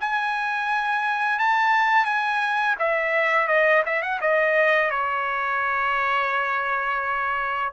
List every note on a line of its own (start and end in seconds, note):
0.00 1.39 G#5
1.39 2.05 A5
2.05 2.75 G#5
2.79 3.48 E5
3.48 3.83 D#5
3.86 4.02 E5
4.02 4.20 F#5
4.21 4.91 D#5
4.91 7.73 C#5